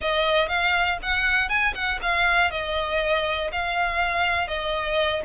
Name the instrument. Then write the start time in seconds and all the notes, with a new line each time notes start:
violin
0.01 D#5
0.48 F5
1.02 F#5
1.49 G#5
1.74 F#5
2.02 F5
2.50 D#5
3.52 F5
4.47 D#5